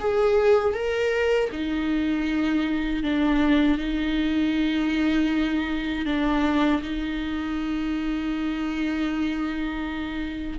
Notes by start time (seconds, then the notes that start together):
0.00 G#4
0.74 A#4
1.52 D#4
3.03 D4
3.78 D#4
6.06 D4
6.83 D#4